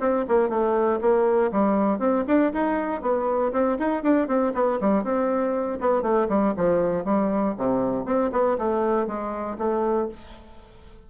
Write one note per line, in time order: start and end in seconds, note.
0.00 0.25 C4
0.28 0.49 A#3
0.49 0.99 A3
1.01 1.51 A#3
1.52 1.99 G3
1.99 2.24 C4
2.27 2.52 D4
2.53 3.02 D#4
3.02 3.52 B3
3.52 3.78 C4
3.79 4.03 D#4
4.03 4.27 D4
4.27 4.53 C4
4.54 4.79 B3
4.81 5.04 G3
5.04 5.79 C4
5.80 6.02 B3
6.02 6.27 A3
6.29 6.54 G3
6.56 7.04 F3
7.04 7.55 G3
7.57 8.05 C3
8.05 8.31 C4
8.32 8.57 B3
8.58 9.07 A3
9.07 9.57 G#3
9.58 10.08 A3